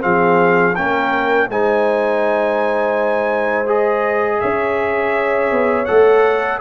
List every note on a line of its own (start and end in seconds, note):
0.00 0.77 F3
0.00 0.73 C4
0.00 0.75 G#4
0.00 0.75 F5
0.75 1.48 A#3
0.75 1.50 C#4
0.75 1.48 A#4
0.75 1.48 G5
1.48 4.41 G#3
1.48 3.66 D#4
1.48 4.40 C5
1.48 3.69 G#5
3.66 5.85 G#4
3.66 4.40 D#5
4.40 5.51 C#4
4.40 6.60 C#5
4.40 5.85 E5
5.51 5.87 B3
5.85 6.60 A3
5.85 6.60 A4
5.85 6.58 F#5